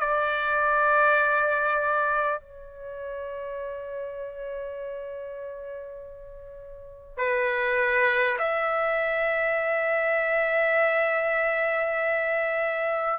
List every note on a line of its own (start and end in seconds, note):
0.00 2.39 D5
2.39 7.17 C#5
7.17 8.37 B4
8.39 13.19 E5